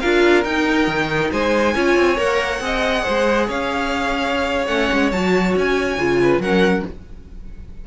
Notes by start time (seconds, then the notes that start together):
0.00 D4 F4 A#4 F5
0.43 D#4 G5
0.87 D#3
1.31 G#3 C5 G#5
1.75 C#4 F4 C#5
1.95 C4
2.16 A#3 A#4 F#5
2.59 C4 G#4 D#5
3.03 G#3 C5
3.47 C#4 C#5 F5
4.67 A3 C#4 F#5
4.92 G#3
5.11 F#3 F#4 A5
5.56 C#4 G#5
5.97 C#3 F4
6.21 B4
6.39 F#3 C#4 A#4 F#5